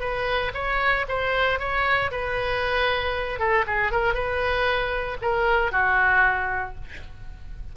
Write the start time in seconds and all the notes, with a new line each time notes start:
0.00 B4
0.54 C#5
1.09 C5
1.59 C#5
2.11 B4
3.39 A4
3.67 G#4
3.91 A#4
4.14 B4
5.22 A#4
5.72 F#4